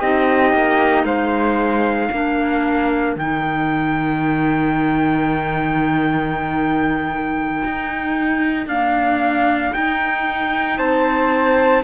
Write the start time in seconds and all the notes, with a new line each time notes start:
0.00 C4 D#4 G4 D#5
0.53 A#3
1.04 G#3 C5 F5
2.07 A#3 D4 A#4
3.16 D#3 D#4 G5
7.64 D#4
8.66 A#3 D4 F5
9.74 D#4 G5
10.78 C4 C5 A5